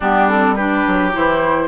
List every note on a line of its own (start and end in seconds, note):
0.00 0.86 G3
0.00 0.29 B3
0.00 0.54 D4
0.00 0.28 G4
0.28 0.57 C4
0.28 0.55 A4
0.55 1.12 D4
0.55 1.68 G4
0.55 1.11 B4
0.86 1.15 F#3
1.12 1.68 E3
1.12 1.68 E4
1.12 1.68 C5